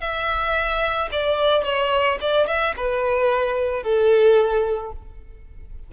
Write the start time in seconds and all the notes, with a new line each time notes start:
0.00 E5
1.11 D5
1.64 C#5
2.20 D5
2.47 E5
2.76 B4
3.83 A4